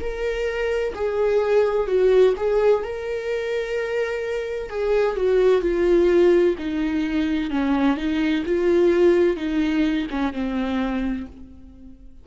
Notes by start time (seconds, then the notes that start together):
0.00 A#4
0.95 G#4
1.87 F#4
2.37 G#4
2.83 A#4
4.70 G#4
5.16 F#4
5.62 F4
6.58 D#4
7.50 C#4
7.97 D#4
8.45 F4
9.36 D#4
10.10 C#4
10.33 C4